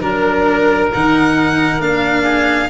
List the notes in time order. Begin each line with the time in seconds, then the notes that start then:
0.00 F#3 D4 A#4
0.93 D#3 D#4 F#5
1.79 A#3 D4 F5
2.23 G#4